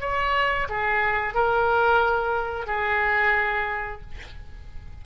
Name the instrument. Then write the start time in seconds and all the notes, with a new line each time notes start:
oboe
0.00 C#5
0.69 G#4
1.34 A#4
2.66 G#4